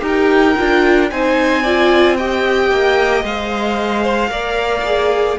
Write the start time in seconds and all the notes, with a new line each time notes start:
0.00 D#4 G4 A#4
0.07 G5
0.56 D4 F4
1.10 C4 D#4 C5 G#5
1.63 F4 D5
2.17 G4 D#5 G5
2.70 A#3
3.24 G#3 C5 F5
4.03 C5
4.29 A#3 A#4 D5
4.84 G#4